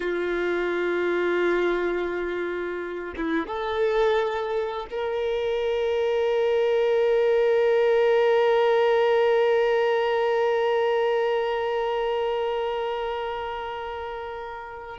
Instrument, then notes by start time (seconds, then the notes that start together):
violin
0.00 F4
3.16 E4
3.47 A4
4.90 A#4